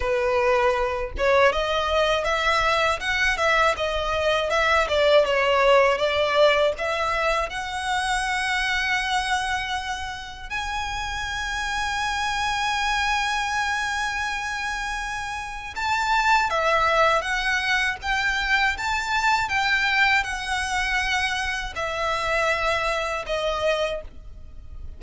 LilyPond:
\new Staff \with { instrumentName = "violin" } { \time 4/4 \tempo 4 = 80 b'4. cis''8 dis''4 e''4 | fis''8 e''8 dis''4 e''8 d''8 cis''4 | d''4 e''4 fis''2~ | fis''2 gis''2~ |
gis''1~ | gis''4 a''4 e''4 fis''4 | g''4 a''4 g''4 fis''4~ | fis''4 e''2 dis''4 | }